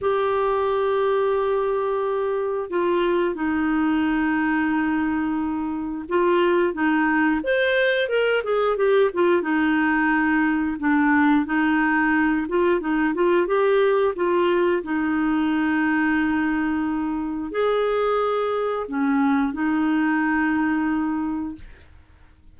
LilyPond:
\new Staff \with { instrumentName = "clarinet" } { \time 4/4 \tempo 4 = 89 g'1 | f'4 dis'2.~ | dis'4 f'4 dis'4 c''4 | ais'8 gis'8 g'8 f'8 dis'2 |
d'4 dis'4. f'8 dis'8 f'8 | g'4 f'4 dis'2~ | dis'2 gis'2 | cis'4 dis'2. | }